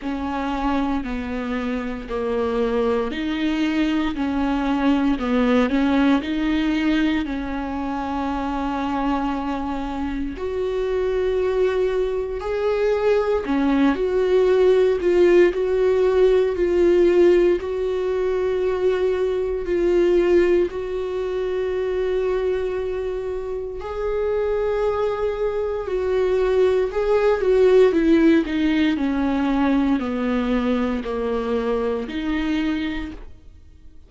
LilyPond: \new Staff \with { instrumentName = "viola" } { \time 4/4 \tempo 4 = 58 cis'4 b4 ais4 dis'4 | cis'4 b8 cis'8 dis'4 cis'4~ | cis'2 fis'2 | gis'4 cis'8 fis'4 f'8 fis'4 |
f'4 fis'2 f'4 | fis'2. gis'4~ | gis'4 fis'4 gis'8 fis'8 e'8 dis'8 | cis'4 b4 ais4 dis'4 | }